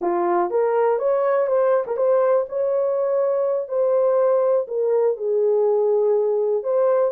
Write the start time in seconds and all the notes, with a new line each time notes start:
0.01 F4
0.50 A#4
0.98 C#5
1.47 C5
1.86 A#4
1.96 C5
2.48 C#5
3.68 C5
4.67 A#4
5.16 G#4
6.63 C5